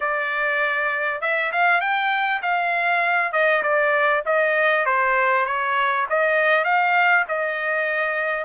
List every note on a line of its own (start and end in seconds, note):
0.00 1.21 D5
1.21 1.51 E5
1.52 1.80 F5
1.80 2.41 G5
2.41 3.32 F5
3.32 3.62 D#5
3.63 4.23 D5
4.25 4.85 D#5
4.85 5.45 C5
5.45 6.06 C#5
6.09 6.64 D#5
6.64 7.25 F5
7.28 8.44 D#5